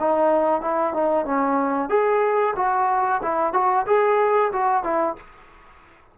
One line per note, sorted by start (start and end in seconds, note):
0.00 0.61 D#4
0.61 0.94 E4
0.94 1.25 D#4
1.25 1.89 C#4
1.89 2.55 G#4
2.56 3.21 F#4
3.23 3.53 E4
3.53 3.86 F#4
3.87 4.52 G#4
4.53 4.84 F#4
4.84 5.16 E4